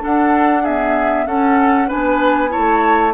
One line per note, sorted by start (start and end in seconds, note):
0.00 0.62 D4
0.00 1.27 D4
0.00 0.63 A4
0.00 0.65 F#5
0.63 1.29 B3
0.63 1.25 G#4
0.63 1.27 E5
1.27 1.89 C#4
1.27 1.88 C#4
1.27 1.88 A4
1.27 1.89 F#5
1.88 2.49 D4
1.88 2.50 B4
1.88 2.52 G#5
1.94 2.57 B3
2.49 3.12 E4
2.49 3.14 C#5
2.49 3.14 A5
2.57 3.14 A3